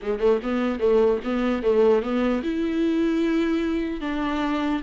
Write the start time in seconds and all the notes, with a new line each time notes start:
0.01 G#3
0.19 A3
0.42 B3
0.79 A3
1.24 B3
1.62 A3
2.02 B3
2.43 E4
4.00 D4